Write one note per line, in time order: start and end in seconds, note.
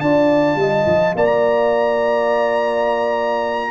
0.00 0.56 D4
0.00 3.71 F4
0.00 0.60 D5
0.00 1.14 A5
0.56 0.85 G3
0.56 1.17 D#5
0.86 1.15 F3
1.16 3.71 A#3
1.16 3.71 D5
1.16 3.71 A#5